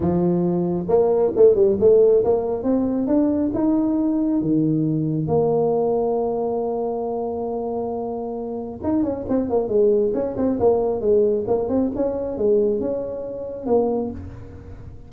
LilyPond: \new Staff \with { instrumentName = "tuba" } { \time 4/4 \tempo 4 = 136 f2 ais4 a8 g8 | a4 ais4 c'4 d'4 | dis'2 dis2 | ais1~ |
ais1 | dis'8 cis'8 c'8 ais8 gis4 cis'8 c'8 | ais4 gis4 ais8 c'8 cis'4 | gis4 cis'2 ais4 | }